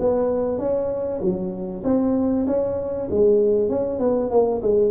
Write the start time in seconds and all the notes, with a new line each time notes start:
0.00 B3
0.59 C#4
1.21 F#3
1.85 C4
2.47 C#4
3.11 G#3
3.69 C#4
4.00 B3
4.31 A#3
4.62 G#3